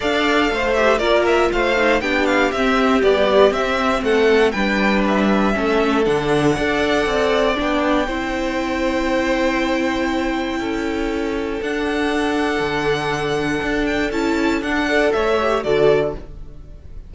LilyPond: <<
  \new Staff \with { instrumentName = "violin" } { \time 4/4 \tempo 4 = 119 f''4. e''8 d''8 e''8 f''4 | g''8 f''8 e''4 d''4 e''4 | fis''4 g''4 e''2 | fis''2. g''4~ |
g''1~ | g''2. fis''4~ | fis''2.~ fis''8 g''8 | a''4 fis''4 e''4 d''4 | }
  \new Staff \with { instrumentName = "violin" } { \time 4/4 d''4 c''4 ais'4 c''4 | g'1 | a'4 b'2 a'4~ | a'4 d''2. |
c''1~ | c''4 a'2.~ | a'1~ | a'4. d''8 cis''4 a'4 | }
  \new Staff \with { instrumentName = "viola" } { \time 4/4 a'4. g'8 f'4. dis'8 | d'4 c'4 g4 c'4~ | c'4 d'2 cis'4 | d'4 a'2 d'4 |
e'1~ | e'2. d'4~ | d'1 | e'4 d'8 a'4 g'8 fis'4 | }
  \new Staff \with { instrumentName = "cello" } { \time 4/4 d'4 a4 ais4 a4 | b4 c'4 b4 c'4 | a4 g2 a4 | d4 d'4 c'4 b4 |
c'1~ | c'4 cis'2 d'4~ | d'4 d2 d'4 | cis'4 d'4 a4 d4 | }
>>